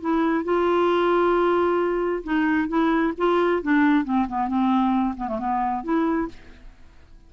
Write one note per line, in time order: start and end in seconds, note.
0.00 0.44 E4
0.44 2.23 F4
2.23 2.68 D#4
2.68 3.13 E4
3.18 3.62 F4
3.62 4.04 D4
4.04 4.27 C4
4.28 4.48 B3
4.48 5.15 C4
5.17 5.28 B3
5.28 5.39 A3
5.39 5.83 B3
5.84 6.28 E4